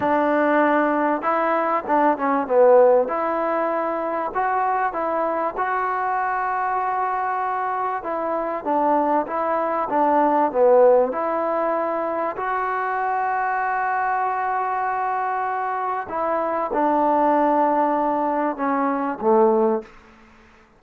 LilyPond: \new Staff \with { instrumentName = "trombone" } { \time 4/4 \tempo 4 = 97 d'2 e'4 d'8 cis'8 | b4 e'2 fis'4 | e'4 fis'2.~ | fis'4 e'4 d'4 e'4 |
d'4 b4 e'2 | fis'1~ | fis'2 e'4 d'4~ | d'2 cis'4 a4 | }